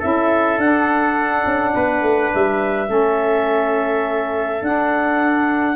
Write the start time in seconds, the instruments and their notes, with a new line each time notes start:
0.00 tuba C#4, saxophone E4, trumpet A4, clarinet E5
0.58 tuba D4, saxophone D4, clarinet F#5
1.46 tuba C#4
1.75 tuba B3, trumpet B4
2.02 tuba A3
2.34 tuba G3, clarinet E5
2.87 tuba A3, saxophone C#4, trumpet A4
4.62 tuba D4, saxophone D4, clarinet F#5